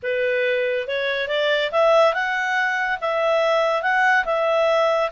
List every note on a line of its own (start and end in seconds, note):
0.02 0.87 B4
0.87 1.28 C#5
1.28 1.70 D5
1.71 2.14 E5
2.14 2.99 F#5
3.00 3.82 E5
3.82 4.24 F#5
4.25 5.10 E5